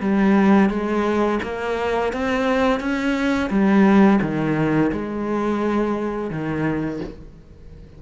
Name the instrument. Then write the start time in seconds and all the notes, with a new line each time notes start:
cello
0.00 G3
0.69 G#3
1.42 A#3
2.12 C4
2.80 C#4
3.49 G3
4.21 D#3
4.92 G#3
6.30 D#3